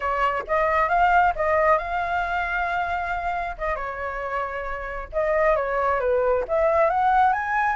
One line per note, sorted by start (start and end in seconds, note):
0.00 0.43 C#5
0.47 0.88 D#5
0.88 1.33 F5
1.35 1.78 D#5
1.78 3.56 F5
3.58 3.75 D#5
3.75 5.08 C#5
5.12 5.56 D#5
5.56 6.00 C#5
6.00 6.44 B4
6.48 6.90 E5
6.90 7.33 F#5
7.33 7.76 G#5